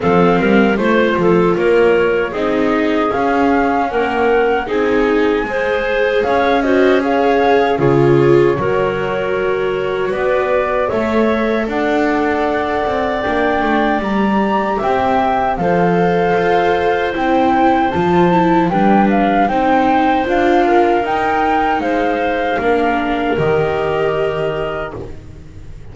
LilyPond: <<
  \new Staff \with { instrumentName = "flute" } { \time 4/4 \tempo 4 = 77 f''4 c''4 cis''4 dis''4 | f''4 fis''4 gis''2 | f''8 dis''8 f''4 cis''2~ | cis''4 d''4 e''4 fis''4~ |
fis''4 g''4 ais''4 g''4 | f''2 g''4 a''4 | g''8 f''8 g''4 f''4 g''4 | f''2 dis''2 | }
  \new Staff \with { instrumentName = "clarinet" } { \time 4/4 a'8 ais'8 c''8 a'8 ais'4 gis'4~ | gis'4 ais'4 gis'4 c''4 | cis''8 c''8 cis''4 gis'4 ais'4~ | ais'4 b'4 cis''4 d''4~ |
d''2. e''4 | c''1 | b'4 c''4. ais'4. | c''4 ais'2. | }
  \new Staff \with { instrumentName = "viola" } { \time 4/4 c'4 f'2 dis'4 | cis'2 dis'4 gis'4~ | gis'8 fis'8 gis'4 f'4 fis'4~ | fis'2 a'2~ |
a'4 d'4 g'2 | a'2 e'4 f'8 e'8 | d'4 dis'4 f'4 dis'4~ | dis'4 d'4 g'2 | }
  \new Staff \with { instrumentName = "double bass" } { \time 4/4 f8 g8 a8 f8 ais4 c'4 | cis'4 ais4 c'4 gis4 | cis'2 cis4 fis4~ | fis4 b4 a4 d'4~ |
d'8 c'8 ais8 a8 g4 c'4 | f4 f'4 c'4 f4 | g4 c'4 d'4 dis'4 | gis4 ais4 dis2 | }
>>